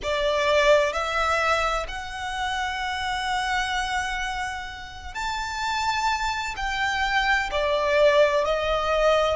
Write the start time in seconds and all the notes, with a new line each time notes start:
0.03 D5
0.92 E5
1.87 F#5
5.14 A5
6.56 G5
7.51 D5
8.45 D#5